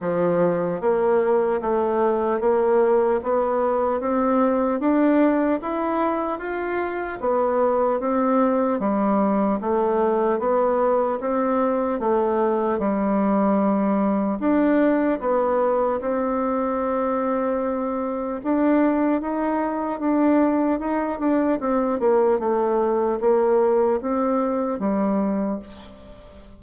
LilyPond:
\new Staff \with { instrumentName = "bassoon" } { \time 4/4 \tempo 4 = 75 f4 ais4 a4 ais4 | b4 c'4 d'4 e'4 | f'4 b4 c'4 g4 | a4 b4 c'4 a4 |
g2 d'4 b4 | c'2. d'4 | dis'4 d'4 dis'8 d'8 c'8 ais8 | a4 ais4 c'4 g4 | }